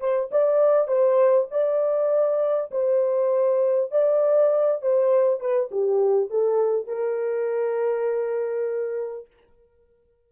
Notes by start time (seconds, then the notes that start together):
0.00 C5
0.31 D5
0.88 C5
1.51 D5
2.71 C5
3.91 D5
4.82 C5
5.40 B4
5.71 G4
6.30 A4
6.87 A#4